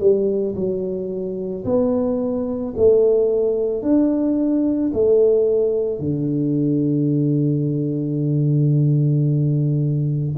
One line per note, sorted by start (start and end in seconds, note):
0.00 0.55 G3
0.55 1.64 F#3
1.65 2.74 B3
2.77 3.82 A3
3.82 4.91 D4
4.93 6.00 A3
6.00 10.36 D3